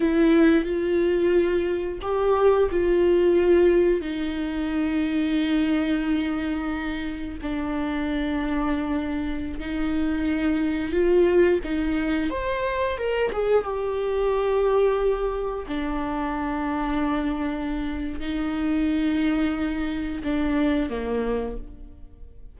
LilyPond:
\new Staff \with { instrumentName = "viola" } { \time 4/4 \tempo 4 = 89 e'4 f'2 g'4 | f'2 dis'2~ | dis'2. d'4~ | d'2~ d'16 dis'4.~ dis'16~ |
dis'16 f'4 dis'4 c''4 ais'8 gis'16~ | gis'16 g'2. d'8.~ | d'2. dis'4~ | dis'2 d'4 ais4 | }